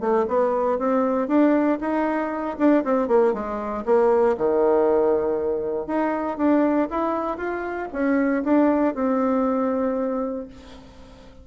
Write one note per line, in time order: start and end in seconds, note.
0.00 0.25 A3
0.27 0.78 B3
0.78 1.28 C4
1.28 1.78 D4
1.80 2.57 D#4
2.58 2.83 D4
2.84 3.08 C4
3.08 3.33 A#3
3.33 3.84 G#3
3.85 4.36 A#3
4.37 5.87 D#3
5.87 6.37 D#4
6.37 6.88 D4
6.90 7.37 E4
7.37 7.88 F4
7.92 8.43 C#4
8.43 8.94 D4
8.94 10.47 C4